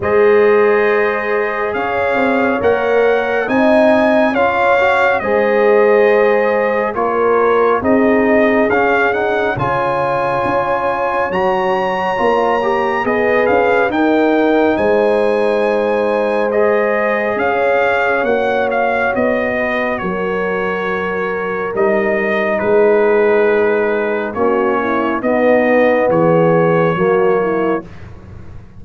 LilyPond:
<<
  \new Staff \with { instrumentName = "trumpet" } { \time 4/4 \tempo 4 = 69 dis''2 f''4 fis''4 | gis''4 f''4 dis''2 | cis''4 dis''4 f''8 fis''8 gis''4~ | gis''4 ais''2 dis''8 f''8 |
g''4 gis''2 dis''4 | f''4 fis''8 f''8 dis''4 cis''4~ | cis''4 dis''4 b'2 | cis''4 dis''4 cis''2 | }
  \new Staff \with { instrumentName = "horn" } { \time 4/4 c''2 cis''2 | dis''4 cis''4 c''2 | ais'4 gis'2 cis''4~ | cis''2. b'4 |
ais'4 c''2. | cis''2~ cis''8 b'8 ais'4~ | ais'2 gis'2 | fis'8 e'8 dis'4 gis'4 fis'8 e'8 | }
  \new Staff \with { instrumentName = "trombone" } { \time 4/4 gis'2. ais'4 | dis'4 f'8 fis'8 gis'2 | f'4 dis'4 cis'8 dis'8 f'4~ | f'4 fis'4 f'8 g'8 gis'4 |
dis'2. gis'4~ | gis'4 fis'2.~ | fis'4 dis'2. | cis'4 b2 ais4 | }
  \new Staff \with { instrumentName = "tuba" } { \time 4/4 gis2 cis'8 c'8 ais4 | c'4 cis'4 gis2 | ais4 c'4 cis'4 cis4 | cis'4 fis4 ais4 b8 cis'8 |
dis'4 gis2. | cis'4 ais4 b4 fis4~ | fis4 g4 gis2 | ais4 b4 e4 fis4 | }
>>